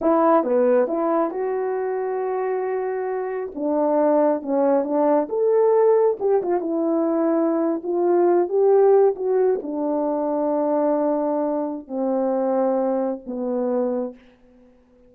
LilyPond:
\new Staff \with { instrumentName = "horn" } { \time 4/4 \tempo 4 = 136 e'4 b4 e'4 fis'4~ | fis'1 | d'2 cis'4 d'4 | a'2 g'8 f'8 e'4~ |
e'4.~ e'16 f'4. g'8.~ | g'8. fis'4 d'2~ d'16~ | d'2. c'4~ | c'2 b2 | }